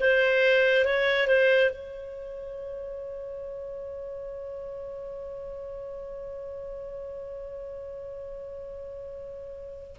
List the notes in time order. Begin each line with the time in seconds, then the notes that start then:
0.00 C5
0.85 C#5
1.27 C5
1.70 C#5